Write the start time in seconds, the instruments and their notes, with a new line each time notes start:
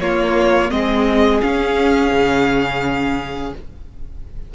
0.00 cello A#3, viola A#3, violin F4 C#5
0.71 cello G#3, viola C4, violin G#4 D#5
1.41 viola C#4, cello C#4, violin F5
2.12 cello C#3